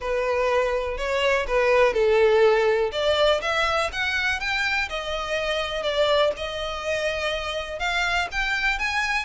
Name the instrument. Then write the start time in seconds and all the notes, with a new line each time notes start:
violin
0.00 B4
0.97 C#5
1.47 B4
1.93 A4
2.92 D5
3.41 E5
3.92 F#5
4.39 G5
4.89 D#5
5.82 D5
6.36 D#5
7.79 F5
8.31 G5
8.78 G#5